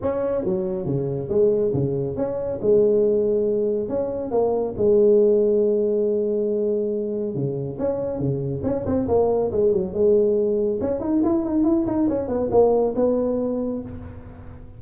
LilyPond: \new Staff \with { instrumentName = "tuba" } { \time 4/4 \tempo 4 = 139 cis'4 fis4 cis4 gis4 | cis4 cis'4 gis2~ | gis4 cis'4 ais4 gis4~ | gis1~ |
gis4 cis4 cis'4 cis4 | cis'8 c'8 ais4 gis8 fis8 gis4~ | gis4 cis'8 dis'8 e'8 dis'8 e'8 dis'8 | cis'8 b8 ais4 b2 | }